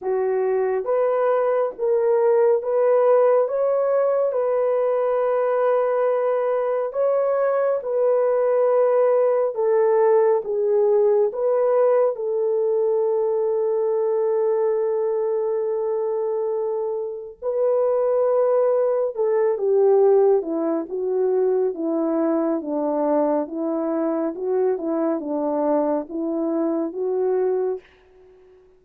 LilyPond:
\new Staff \with { instrumentName = "horn" } { \time 4/4 \tempo 4 = 69 fis'4 b'4 ais'4 b'4 | cis''4 b'2. | cis''4 b'2 a'4 | gis'4 b'4 a'2~ |
a'1 | b'2 a'8 g'4 e'8 | fis'4 e'4 d'4 e'4 | fis'8 e'8 d'4 e'4 fis'4 | }